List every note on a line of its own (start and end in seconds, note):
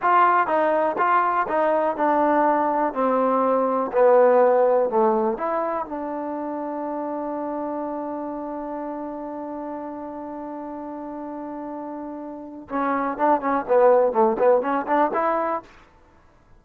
0.01 0.47 F4
0.47 0.96 D#4
0.98 1.46 F4
1.48 1.96 D#4
1.96 2.93 D4
2.93 3.91 C4
3.92 4.89 B3
4.89 5.37 A3
5.37 5.85 E4
5.85 12.68 D4
12.69 13.17 C#4
13.17 13.41 D4
13.41 13.65 C#4
13.68 14.12 B3
14.12 14.37 A3
14.38 14.61 B3
14.61 14.86 C#4
14.86 15.11 D4
15.13 15.62 E4